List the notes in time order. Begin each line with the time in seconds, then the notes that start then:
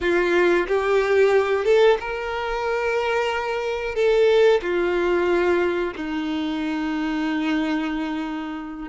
0.00 F4
0.67 G4
1.65 A4
2.00 A#4
3.95 A4
4.62 F4
5.96 D#4